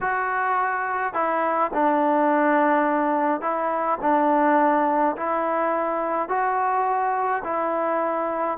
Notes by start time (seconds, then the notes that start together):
0.01 F#4
1.13 E4
1.73 D4
3.41 E4
4.01 D4
5.16 E4
6.28 F#4
7.44 E4